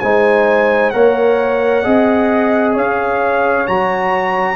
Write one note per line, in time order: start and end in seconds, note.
0.00 0.94 G#3
0.00 0.93 D#4
0.00 0.94 C5
0.00 0.91 G#5
0.91 1.85 A#3
0.91 1.84 A#4
0.91 1.84 C#5
0.91 2.73 F#5
1.84 2.77 C4
1.84 3.66 G#4
1.84 2.74 D#5
2.74 3.68 C#4
2.74 4.56 C#5
2.74 3.67 F5
3.67 4.57 F#3
3.67 4.57 F#4
3.67 4.57 A#5